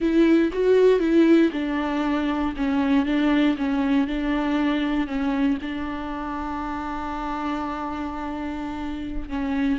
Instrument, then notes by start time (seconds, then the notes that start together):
viola
0.00 E4
0.52 F#4
0.99 E4
1.52 D4
2.56 C#4
3.05 D4
3.57 C#4
4.07 D4
5.07 C#4
5.61 D4
9.29 C#4